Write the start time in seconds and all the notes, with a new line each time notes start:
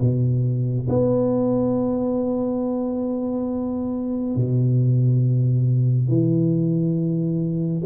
0.00 B2
0.89 B3
4.36 B2
6.08 E3